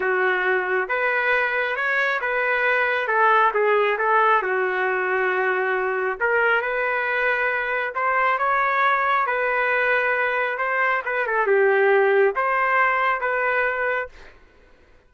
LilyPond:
\new Staff \with { instrumentName = "trumpet" } { \time 4/4 \tempo 4 = 136 fis'2 b'2 | cis''4 b'2 a'4 | gis'4 a'4 fis'2~ | fis'2 ais'4 b'4~ |
b'2 c''4 cis''4~ | cis''4 b'2. | c''4 b'8 a'8 g'2 | c''2 b'2 | }